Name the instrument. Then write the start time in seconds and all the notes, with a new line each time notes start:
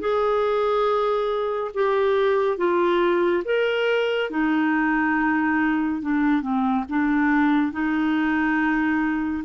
clarinet
0.00 G#4
1.75 G4
2.58 F4
3.45 A#4
4.30 D#4
6.02 D4
6.42 C4
6.89 D4
7.73 D#4